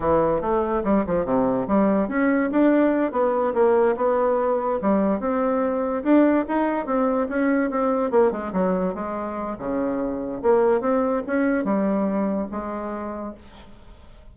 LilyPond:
\new Staff \with { instrumentName = "bassoon" } { \time 4/4 \tempo 4 = 144 e4 a4 g8 f8 c4 | g4 cis'4 d'4. b8~ | b8 ais4 b2 g8~ | g8 c'2 d'4 dis'8~ |
dis'8 c'4 cis'4 c'4 ais8 | gis8 fis4 gis4. cis4~ | cis4 ais4 c'4 cis'4 | g2 gis2 | }